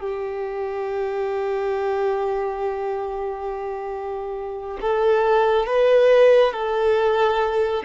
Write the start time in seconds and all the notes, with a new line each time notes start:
0.00 G4
4.81 A4
5.66 B4
6.53 A4